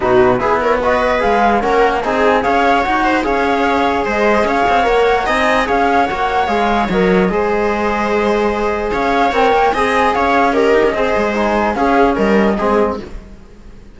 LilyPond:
<<
  \new Staff \with { instrumentName = "flute" } { \time 4/4 \tempo 4 = 148 b'4. cis''8 dis''4 f''4 | fis''4 gis''4 f''4 fis''4 | f''2 dis''4 f''4 | fis''4 gis''4 f''4 fis''4 |
f''4 dis''2.~ | dis''2 f''4 g''4 | gis''4 f''4 dis''2 | gis''4 f''4 dis''2 | }
  \new Staff \with { instrumentName = "viola" } { \time 4/4 fis'4 gis'8 ais'8 b'2 | ais'4 gis'4 cis''4. c''8 | cis''2 c''4 cis''4~ | cis''4 dis''4 cis''2~ |
cis''2 c''2~ | c''2 cis''2 | dis''4 cis''4 ais'4 c''4~ | c''4 gis'4 ais'4 gis'4 | }
  \new Staff \with { instrumentName = "trombone" } { \time 4/4 dis'4 e'4 fis'4 gis'4 | cis'4 dis'4 gis'4 fis'4 | gis'1 | ais'4 dis'4 gis'4 fis'4 |
gis'4 ais'4 gis'2~ | gis'2. ais'4 | gis'2 g'4 gis'4 | dis'4 cis'2 c'4 | }
  \new Staff \with { instrumentName = "cello" } { \time 4/4 b,4 b2 gis4 | ais4 c'4 cis'4 dis'4 | cis'2 gis4 cis'8 c'8 | ais4 c'4 cis'4 ais4 |
gis4 fis4 gis2~ | gis2 cis'4 c'8 ais8 | c'4 cis'4. dis'16 cis'16 c'8 gis8~ | gis4 cis'4 g4 gis4 | }
>>